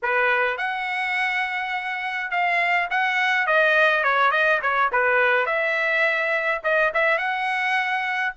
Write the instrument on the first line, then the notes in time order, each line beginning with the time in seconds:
trumpet
0.02 B4
0.57 F#5
2.31 F5
2.90 F#5
3.46 D#5
4.03 C#5
4.31 D#5
4.62 C#5
4.91 B4
5.46 E5
6.63 D#5
6.94 E5
7.18 F#5